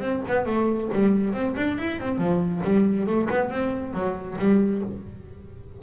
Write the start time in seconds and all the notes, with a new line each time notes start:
0.00 C4
0.28 B3
0.46 A3
0.93 G3
1.33 C4
1.56 D4
1.78 E4
2.00 C4
2.18 F3
2.64 G3
3.06 A3
3.30 B3
3.50 C4
3.93 F#3
4.39 G3